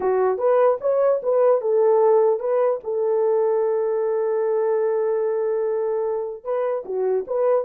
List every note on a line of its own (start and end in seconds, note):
0.00 0.38 F#4
0.38 0.78 B4
0.81 1.21 C#5
1.23 1.61 B4
1.61 2.39 A4
2.39 2.79 B4
2.83 6.43 A4
6.43 6.84 B4
6.85 7.25 F#4
7.27 7.64 B4